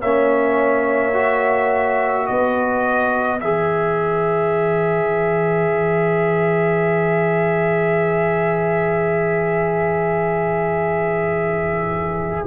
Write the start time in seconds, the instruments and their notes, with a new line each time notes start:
0.00 tuba A#3, trombone C#4, horn C#5, trumpet E5
1.13 trombone F#4
2.26 tuba B3, horn B4, trumpet D#5
3.40 tuba E3, trombone G#4, trumpet E5